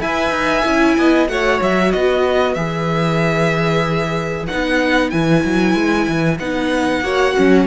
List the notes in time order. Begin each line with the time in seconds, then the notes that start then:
0.00 E4 B4 E5 G#5
0.30 D#4
0.64 C#4 E4
0.98 B3 D#5
1.28 A3 F#4 C#5 F#5
1.62 F#3 E5
1.92 B3 B4 D#5
2.54 E3 G#4 E5
4.48 B3 D#4 F#5
5.10 E3 E4 G#5
5.45 F#3
5.75 G#3
6.08 E3
6.40 B3 D#4 F#5
7.02 A#3 F#4 C#5
7.37 F#3 C#4